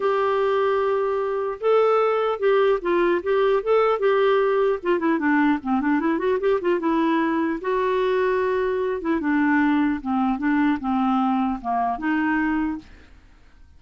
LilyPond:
\new Staff \with { instrumentName = "clarinet" } { \time 4/4 \tempo 4 = 150 g'1 | a'2 g'4 f'4 | g'4 a'4 g'2 | f'8 e'8 d'4 c'8 d'8 e'8 fis'8 |
g'8 f'8 e'2 fis'4~ | fis'2~ fis'8 e'8 d'4~ | d'4 c'4 d'4 c'4~ | c'4 ais4 dis'2 | }